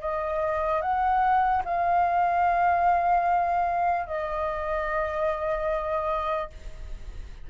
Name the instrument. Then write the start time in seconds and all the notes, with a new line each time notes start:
flute
0.00 D#5
0.81 F#5
1.64 F5
4.06 D#5